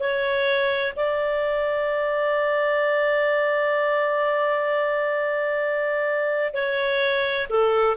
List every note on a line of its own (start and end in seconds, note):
0.00 0.94 C#5
0.96 6.54 D5
6.54 7.47 C#5
7.50 7.97 A4